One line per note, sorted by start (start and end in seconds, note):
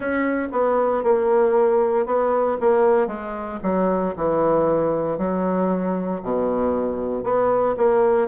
0.00 0.48 C#4
0.52 1.03 B3
1.03 2.05 A#3
2.05 2.57 B3
2.60 3.07 A#3
3.07 3.59 G#3
3.63 4.14 F#3
4.16 5.17 E3
5.17 6.21 F#3
6.23 7.23 B2
7.23 7.75 B3
7.77 8.28 A#3